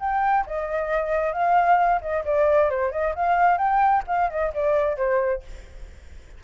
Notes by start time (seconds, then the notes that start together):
0.00 G5
0.46 D#5
1.33 F5
2.01 D#5
2.25 D5
2.70 C5
2.92 D#5
3.15 F5
3.58 G5
4.07 F5
4.30 D#5
4.54 D5
4.97 C5